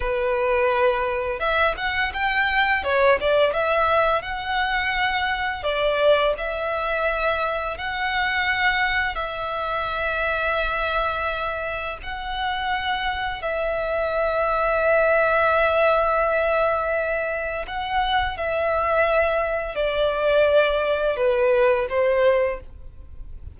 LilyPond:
\new Staff \with { instrumentName = "violin" } { \time 4/4 \tempo 4 = 85 b'2 e''8 fis''8 g''4 | cis''8 d''8 e''4 fis''2 | d''4 e''2 fis''4~ | fis''4 e''2.~ |
e''4 fis''2 e''4~ | e''1~ | e''4 fis''4 e''2 | d''2 b'4 c''4 | }